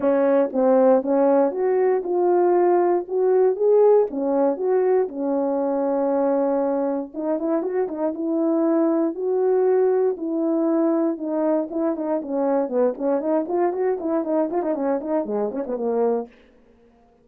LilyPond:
\new Staff \with { instrumentName = "horn" } { \time 4/4 \tempo 4 = 118 cis'4 c'4 cis'4 fis'4 | f'2 fis'4 gis'4 | cis'4 fis'4 cis'2~ | cis'2 dis'8 e'8 fis'8 dis'8 |
e'2 fis'2 | e'2 dis'4 e'8 dis'8 | cis'4 b8 cis'8 dis'8 f'8 fis'8 e'8 | dis'8 f'16 dis'16 cis'8 dis'8 gis8 cis'16 b16 ais4 | }